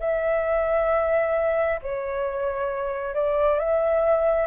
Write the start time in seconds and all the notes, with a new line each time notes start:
0.00 E5
1.82 C#5
3.14 D5
3.59 E5